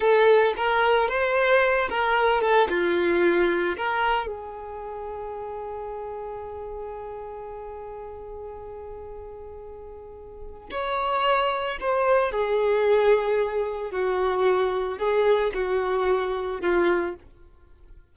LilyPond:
\new Staff \with { instrumentName = "violin" } { \time 4/4 \tempo 4 = 112 a'4 ais'4 c''4. ais'8~ | ais'8 a'8 f'2 ais'4 | gis'1~ | gis'1~ |
gis'1 | cis''2 c''4 gis'4~ | gis'2 fis'2 | gis'4 fis'2 f'4 | }